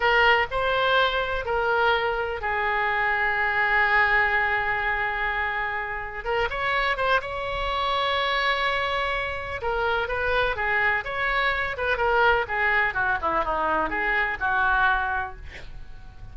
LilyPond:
\new Staff \with { instrumentName = "oboe" } { \time 4/4 \tempo 4 = 125 ais'4 c''2 ais'4~ | ais'4 gis'2.~ | gis'1~ | gis'4 ais'8 cis''4 c''8 cis''4~ |
cis''1 | ais'4 b'4 gis'4 cis''4~ | cis''8 b'8 ais'4 gis'4 fis'8 e'8 | dis'4 gis'4 fis'2 | }